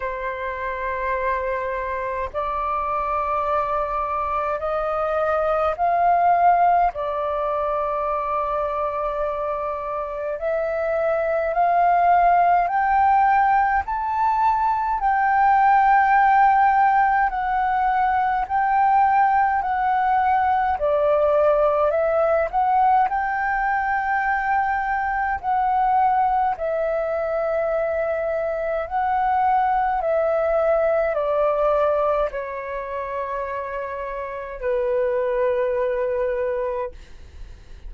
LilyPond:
\new Staff \with { instrumentName = "flute" } { \time 4/4 \tempo 4 = 52 c''2 d''2 | dis''4 f''4 d''2~ | d''4 e''4 f''4 g''4 | a''4 g''2 fis''4 |
g''4 fis''4 d''4 e''8 fis''8 | g''2 fis''4 e''4~ | e''4 fis''4 e''4 d''4 | cis''2 b'2 | }